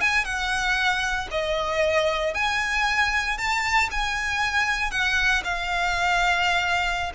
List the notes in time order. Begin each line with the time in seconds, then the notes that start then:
0.00 G#5
0.24 F#5
1.30 D#5
2.34 G#5
3.37 A5
3.91 G#5
4.90 F#5
5.44 F5